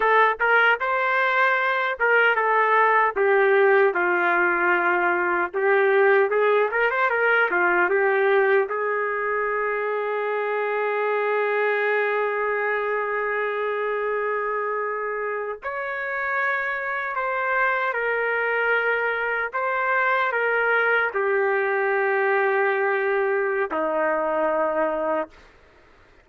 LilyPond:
\new Staff \with { instrumentName = "trumpet" } { \time 4/4 \tempo 4 = 76 a'8 ais'8 c''4. ais'8 a'4 | g'4 f'2 g'4 | gis'8 ais'16 c''16 ais'8 f'8 g'4 gis'4~ | gis'1~ |
gis'2.~ gis'8. cis''16~ | cis''4.~ cis''16 c''4 ais'4~ ais'16~ | ais'8. c''4 ais'4 g'4~ g'16~ | g'2 dis'2 | }